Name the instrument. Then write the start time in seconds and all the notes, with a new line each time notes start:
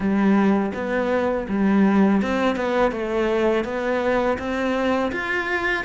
cello
0.00 G3
0.74 B3
1.48 G3
2.22 C4
2.56 B3
2.91 A3
3.64 B3
4.38 C4
5.12 F4